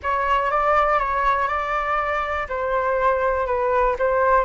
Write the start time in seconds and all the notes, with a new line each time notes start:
0.02 C#5
0.50 D5
0.99 C#5
1.47 D5
2.48 C5
3.46 B4
3.98 C5